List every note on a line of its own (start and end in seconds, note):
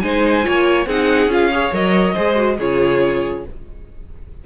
0.00 0.45 G#3
0.00 0.43 D#4
0.00 0.46 C5
0.00 0.86 G#5
0.43 0.86 A#3
0.43 0.86 F4
0.43 0.87 C#5
0.86 1.27 C4
0.86 1.30 D#4
0.86 1.51 G#4
0.86 1.31 F#5
1.27 1.70 C#4
1.27 1.51 F4
1.27 1.74 F5
1.51 1.72 G#4
1.51 2.14 C#5
1.72 2.15 F#3
1.72 2.15 A#4
1.72 2.59 D#5
2.14 2.59 G#3
2.14 2.35 G#4
2.14 2.57 C5
2.35 2.57 F#4
2.58 3.44 C#3
2.58 3.46 F4
2.58 3.44 G#4
2.58 3.45 C#5